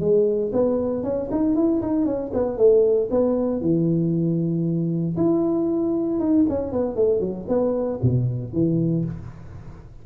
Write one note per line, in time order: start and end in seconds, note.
0.00 0.52 G#3
0.53 1.04 B3
1.04 1.30 C#4
1.32 1.56 D#4
1.56 1.82 E4
1.82 2.06 D#4
2.06 2.32 C#4
2.34 2.58 B3
2.58 3.09 A3
3.11 3.62 B3
3.62 5.17 E3
5.17 6.20 E4
6.20 6.46 D#4
6.49 6.73 C#4
6.73 6.96 B3
6.96 7.21 A3
7.21 7.46 F#3
7.48 8.00 B3
8.02 8.53 B2
8.53 9.05 E3